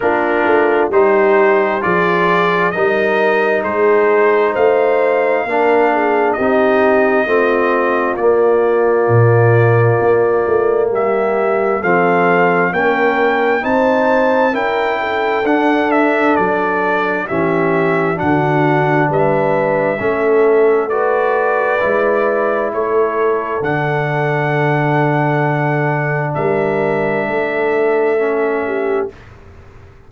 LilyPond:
<<
  \new Staff \with { instrumentName = "trumpet" } { \time 4/4 \tempo 4 = 66 ais'4 c''4 d''4 dis''4 | c''4 f''2 dis''4~ | dis''4 d''2. | e''4 f''4 g''4 a''4 |
g''4 fis''8 e''8 d''4 e''4 | fis''4 e''2 d''4~ | d''4 cis''4 fis''2~ | fis''4 e''2. | }
  \new Staff \with { instrumentName = "horn" } { \time 4/4 f'4 g'4 gis'4 ais'4 | gis'4 c''4 ais'8 gis'8 g'4 | f'1 | g'4 a'4 ais'4 c''4 |
ais'8 a'2~ a'8 g'4 | fis'4 b'4 a'4 b'4~ | b'4 a'2.~ | a'4 ais'4 a'4. g'8 | }
  \new Staff \with { instrumentName = "trombone" } { \time 4/4 d'4 dis'4 f'4 dis'4~ | dis'2 d'4 dis'4 | c'4 ais2.~ | ais4 c'4 cis'4 dis'4 |
e'4 d'2 cis'4 | d'2 cis'4 fis'4 | e'2 d'2~ | d'2. cis'4 | }
  \new Staff \with { instrumentName = "tuba" } { \time 4/4 ais8 a8 g4 f4 g4 | gis4 a4 ais4 c'4 | a4 ais4 ais,4 ais8 a8 | g4 f4 ais4 c'4 |
cis'4 d'4 fis4 e4 | d4 g4 a2 | gis4 a4 d2~ | d4 g4 a2 | }
>>